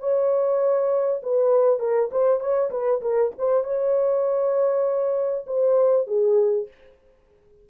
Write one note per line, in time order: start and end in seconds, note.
0.00 1.21 C#5
1.23 1.80 B4
1.80 2.10 A#4
2.12 2.40 C5
2.40 2.71 C#5
2.71 3.01 B4
3.02 3.32 A#4
3.38 3.64 C5
3.64 5.46 C#5
5.47 6.07 C5
6.07 6.68 G#4